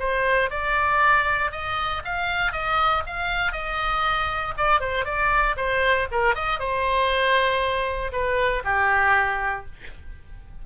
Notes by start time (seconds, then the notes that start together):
0.00 C5
0.51 D5
1.52 D#5
2.05 F5
2.53 D#5
3.07 F5
3.52 D#5
4.58 D5
4.81 C5
5.05 D5
5.57 C5
6.12 A#4
6.36 D#5
6.60 C5
8.12 B4
8.65 G4